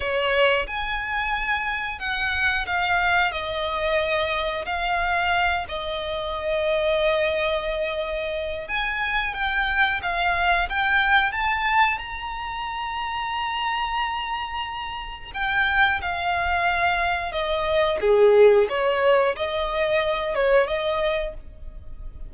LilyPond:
\new Staff \with { instrumentName = "violin" } { \time 4/4 \tempo 4 = 90 cis''4 gis''2 fis''4 | f''4 dis''2 f''4~ | f''8 dis''2.~ dis''8~ | dis''4 gis''4 g''4 f''4 |
g''4 a''4 ais''2~ | ais''2. g''4 | f''2 dis''4 gis'4 | cis''4 dis''4. cis''8 dis''4 | }